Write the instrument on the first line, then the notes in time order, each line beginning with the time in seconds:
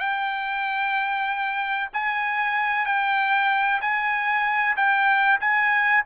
trumpet
0.00 G5
1.93 G#5
2.86 G5
3.82 G#5
4.77 G5
5.41 G#5